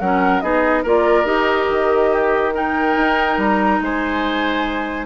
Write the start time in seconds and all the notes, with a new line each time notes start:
0.00 F#3 C#4 A#4 F#5
0.41 B3 D#4 G#4 D#5
0.83 A#3 F4 A#4 D5
1.25 D#4 G4 D#5
1.69 D#3
2.13 G4
2.54 D#4 A#4 G5
2.97 D#4
3.38 G3 A#5
3.81 G#3 C5 G#5